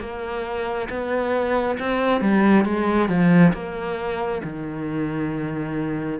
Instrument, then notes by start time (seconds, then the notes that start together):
cello
0.00 A#3
0.89 B3
1.79 C4
2.21 G3
2.65 G#3
3.09 F3
3.53 A#3
4.44 D#3